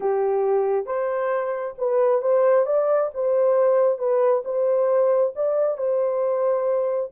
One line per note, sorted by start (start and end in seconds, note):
0.00 0.86 G4
0.86 1.75 C5
1.78 2.21 B4
2.21 2.66 C5
2.66 3.10 D5
3.14 3.98 C5
3.98 4.42 B4
4.44 5.33 C5
5.35 5.77 D5
5.77 7.11 C5